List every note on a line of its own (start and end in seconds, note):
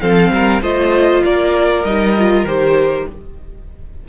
0.00 0.30 F3
0.00 0.62 C4
0.00 0.32 A4
0.00 0.61 F5
0.30 0.61 G3
0.30 0.62 A#4
0.62 1.23 A3
0.62 1.85 F4
0.62 1.23 C5
0.62 1.24 D#5
1.24 1.84 A#3
1.24 3.07 A#4
1.24 1.84 D5
1.84 2.44 G3
1.84 2.16 D#4
1.84 2.45 D#5
2.18 2.47 F4
2.44 3.05 D#3
2.44 3.08 G4
2.44 3.08 C5